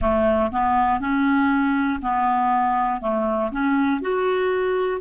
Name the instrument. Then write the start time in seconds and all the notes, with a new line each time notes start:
clarinet
0.01 A3
0.51 B3
1.00 C#4
2.01 B3
3.01 A3
3.51 C#4
4.01 F#4